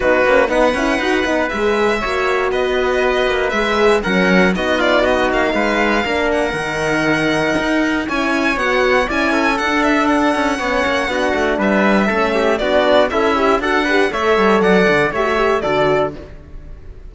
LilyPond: <<
  \new Staff \with { instrumentName = "violin" } { \time 4/4 \tempo 4 = 119 b'4 fis''2 e''4~ | e''4 dis''2 e''4 | fis''4 dis''8 d''8 dis''8 f''4.~ | f''8 fis''2.~ fis''8 |
gis''4 fis''4 gis''4 fis''8 e''8 | fis''2. e''4~ | e''4 d''4 e''4 fis''4 | e''4 fis''4 e''4 d''4 | }
  \new Staff \with { instrumentName = "trumpet" } { \time 4/4 fis'4 b'2. | cis''4 b'2. | ais'4 fis'8 f'8 fis'4 b'4 | ais'1 |
cis''2 d''8 a'4.~ | a'4 cis''4 fis'4 b'4 | a'8 g'8 fis'4 e'4 a'8 b'8 | cis''4 d''4 cis''4 a'4 | }
  \new Staff \with { instrumentName = "horn" } { \time 4/4 dis'8 cis'8 dis'8 e'8 fis'8 dis'8 gis'4 | fis'2. gis'4 | cis'4 dis'2. | d'4 dis'2. |
e'4 fis'4 e'4 d'4~ | d'4 cis'4 d'2 | cis'4 d'4 a'8 g'8 fis'8 g'8 | a'2 g'16 fis'16 g'8 fis'4 | }
  \new Staff \with { instrumentName = "cello" } { \time 4/4 b8 ais8 b8 cis'8 dis'8 b8 gis4 | ais4 b4. ais8 gis4 | fis4 b4. ais8 gis4 | ais4 dis2 dis'4 |
cis'4 b4 cis'4 d'4~ | d'8 cis'8 b8 ais8 b8 a8 g4 | a4 b4 cis'4 d'4 | a8 g8 fis8 d8 a4 d4 | }
>>